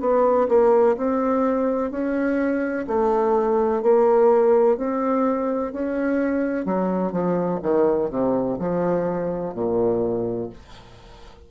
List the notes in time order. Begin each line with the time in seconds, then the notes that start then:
0.00 B3
0.48 A#3
0.97 C4
1.91 C#4
2.87 A3
3.82 A#3
4.77 C4
5.72 C#4
6.65 F#3
7.12 F3
7.62 D#3
8.10 C3
8.59 F3
9.54 A#2